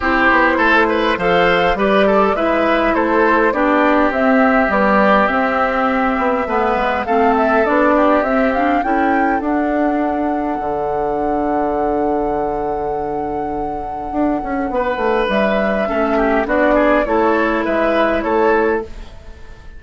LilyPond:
<<
  \new Staff \with { instrumentName = "flute" } { \time 4/4 \tempo 4 = 102 c''2 f''4 d''4 | e''4 c''4 d''4 e''4 | d''4 e''2. | f''8 e''8 d''4 e''8 f''8 g''4 |
fis''1~ | fis''1~ | fis''2 e''2 | d''4 cis''4 e''4 cis''4 | }
  \new Staff \with { instrumentName = "oboe" } { \time 4/4 g'4 a'8 b'8 c''4 b'8 a'8 | b'4 a'4 g'2~ | g'2. b'4 | a'4. g'4. a'4~ |
a'1~ | a'1~ | a'4 b'2 a'8 g'8 | fis'8 gis'8 a'4 b'4 a'4 | }
  \new Staff \with { instrumentName = "clarinet" } { \time 4/4 e'2 a'4 g'4 | e'2 d'4 c'4 | g4 c'2 b4 | c'4 d'4 c'8 d'8 e'4 |
d'1~ | d'1~ | d'2. cis'4 | d'4 e'2. | }
  \new Staff \with { instrumentName = "bassoon" } { \time 4/4 c'8 b8 a4 f4 g4 | gis4 a4 b4 c'4 | b4 c'4. b8 a8 gis8 | a4 b4 c'4 cis'4 |
d'2 d2~ | d1 | d'8 cis'8 b8 a8 g4 a4 | b4 a4 gis4 a4 | }
>>